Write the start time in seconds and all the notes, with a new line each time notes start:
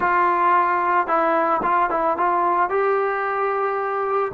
0.00 F4
1.07 E4
1.62 F4
1.90 E4
2.17 F4
2.69 G4